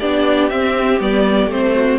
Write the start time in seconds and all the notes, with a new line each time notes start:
0.00 B3 D4 G4 D5
0.50 C4 E5
1.00 G3 B3 D5
1.47 A3 C4 C5
1.75 F#4